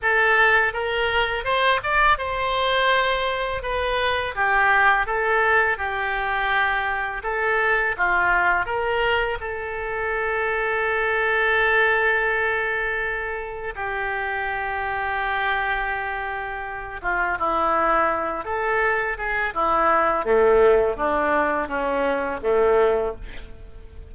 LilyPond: \new Staff \with { instrumentName = "oboe" } { \time 4/4 \tempo 4 = 83 a'4 ais'4 c''8 d''8 c''4~ | c''4 b'4 g'4 a'4 | g'2 a'4 f'4 | ais'4 a'2.~ |
a'2. g'4~ | g'2.~ g'8 f'8 | e'4. a'4 gis'8 e'4 | a4 d'4 cis'4 a4 | }